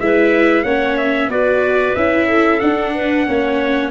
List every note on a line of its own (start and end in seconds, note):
0.00 0.64 G#3
0.00 0.65 E4
0.00 0.64 B4
0.00 0.64 E5
0.64 1.28 A#3
0.64 1.30 C#4
0.64 1.29 C#5
0.64 0.96 F#5
0.97 1.30 E5
1.28 1.93 B3
1.28 1.96 F#4
1.28 2.28 B4
1.28 1.95 D5
1.95 2.61 C#4
1.95 2.61 E4
1.95 2.60 E5
2.28 2.93 A4
2.60 3.26 D4
2.60 3.28 D4
2.60 3.90 F#5
2.94 3.27 B4
3.26 3.91 A#3
3.26 3.91 C#4
3.26 3.91 C#5